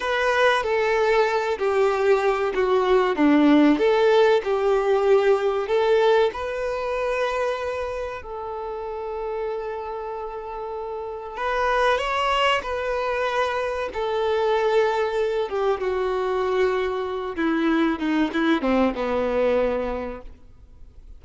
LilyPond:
\new Staff \with { instrumentName = "violin" } { \time 4/4 \tempo 4 = 95 b'4 a'4. g'4. | fis'4 d'4 a'4 g'4~ | g'4 a'4 b'2~ | b'4 a'2.~ |
a'2 b'4 cis''4 | b'2 a'2~ | a'8 g'8 fis'2~ fis'8 e'8~ | e'8 dis'8 e'8 c'8 b2 | }